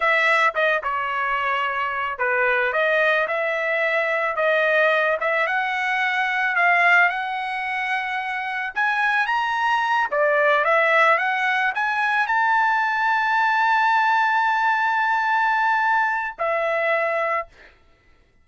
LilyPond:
\new Staff \with { instrumentName = "trumpet" } { \time 4/4 \tempo 4 = 110 e''4 dis''8 cis''2~ cis''8 | b'4 dis''4 e''2 | dis''4. e''8 fis''2 | f''4 fis''2. |
gis''4 ais''4. d''4 e''8~ | e''8 fis''4 gis''4 a''4.~ | a''1~ | a''2 e''2 | }